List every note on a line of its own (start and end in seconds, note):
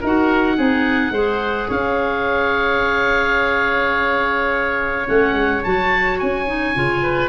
0.00 0.58 D#4
0.00 0.57 F#4
0.00 0.56 A#4
0.00 1.71 F#5
0.56 1.11 C4
0.56 1.13 D#4
0.56 1.12 G#4
1.11 1.67 G#3
1.11 5.05 G#4
1.11 1.68 C5
1.68 5.07 C#4
1.68 7.01 C#5
1.68 5.07 F5
5.05 5.32 A3
5.05 5.61 C#4
5.05 5.63 F#5
5.32 5.60 G#3
5.63 6.21 F#3
5.63 6.46 F#4
5.63 6.19 A5
6.19 6.76 C#4
6.19 7.28 G#5
6.46 6.74 D#4
6.74 7.28 C#3
6.74 7.28 F4
7.02 7.28 B4